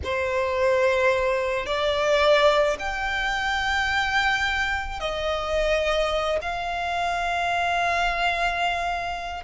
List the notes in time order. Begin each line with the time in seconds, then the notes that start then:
0.04 C5
1.65 D5
2.79 G5
5.00 D#5
6.41 F5